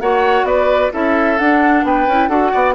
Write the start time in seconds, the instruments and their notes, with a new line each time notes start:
0.00 bassoon A#3, clarinet F#4, oboe C#5, flute F#5
0.43 bassoon B3, oboe B4, flute D5
0.91 bassoon C#4, clarinet E4, oboe A4, flute E5
1.38 bassoon D4, clarinet D4, flute F#5
1.84 bassoon B3, oboe B4, flute G5
2.07 bassoon C#4, clarinet E4
2.28 bassoon D4, clarinet F#4, oboe A4, flute F#5
2.51 bassoon B3, oboe D5